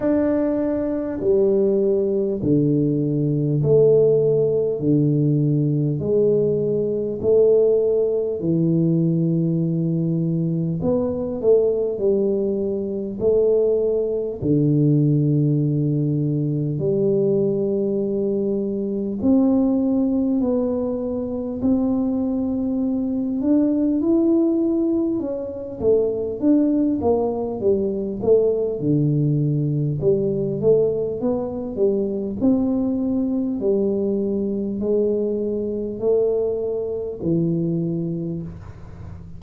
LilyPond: \new Staff \with { instrumentName = "tuba" } { \time 4/4 \tempo 4 = 50 d'4 g4 d4 a4 | d4 gis4 a4 e4~ | e4 b8 a8 g4 a4 | d2 g2 |
c'4 b4 c'4. d'8 | e'4 cis'8 a8 d'8 ais8 g8 a8 | d4 g8 a8 b8 g8 c'4 | g4 gis4 a4 e4 | }